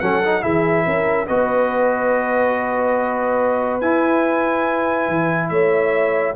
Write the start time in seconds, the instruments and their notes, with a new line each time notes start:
0.00 tuba F#3, trombone C#4, horn A4, trumpet F#5
0.23 trombone D#4
0.42 tuba E3, trombone E4, horn G#4, trumpet E5
0.86 tuba C#4, horn A#4
1.27 tuba B3, trombone F#4, horn B4, trumpet D#5
3.80 tuba E4, trombone E4, trumpet G#5
5.08 tuba E3
5.49 tuba A3, horn C#5, trumpet E5